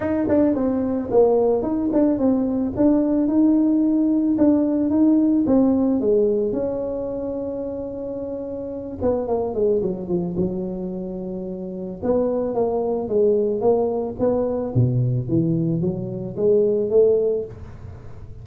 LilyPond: \new Staff \with { instrumentName = "tuba" } { \time 4/4 \tempo 4 = 110 dis'8 d'8 c'4 ais4 dis'8 d'8 | c'4 d'4 dis'2 | d'4 dis'4 c'4 gis4 | cis'1~ |
cis'8 b8 ais8 gis8 fis8 f8 fis4~ | fis2 b4 ais4 | gis4 ais4 b4 b,4 | e4 fis4 gis4 a4 | }